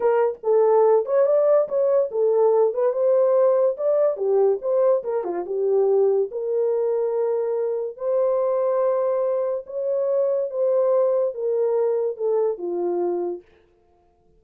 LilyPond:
\new Staff \with { instrumentName = "horn" } { \time 4/4 \tempo 4 = 143 ais'4 a'4. cis''8 d''4 | cis''4 a'4. b'8 c''4~ | c''4 d''4 g'4 c''4 | ais'8 f'8 g'2 ais'4~ |
ais'2. c''4~ | c''2. cis''4~ | cis''4 c''2 ais'4~ | ais'4 a'4 f'2 | }